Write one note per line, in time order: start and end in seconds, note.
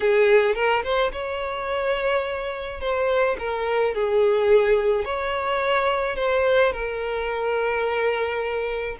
0.00 0.55 G#4
0.55 0.83 A#4
0.83 1.11 C5
1.12 2.80 C#5
2.80 3.36 C5
3.38 3.94 A#4
3.94 5.04 G#4
5.04 6.16 C#5
6.16 6.72 C5
6.72 8.96 A#4